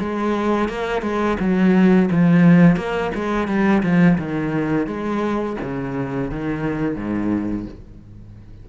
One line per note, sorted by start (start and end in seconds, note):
0.00 0.69 G#3
0.69 1.03 A#3
1.03 1.38 G#3
1.40 2.10 F#3
2.12 2.77 F3
2.77 3.12 A#3
3.16 3.48 G#3
3.48 3.83 G3
3.83 4.18 F3
4.19 4.87 D#3
4.87 5.57 G#3
5.62 6.31 C#3
6.31 6.96 D#3
6.96 7.66 G#2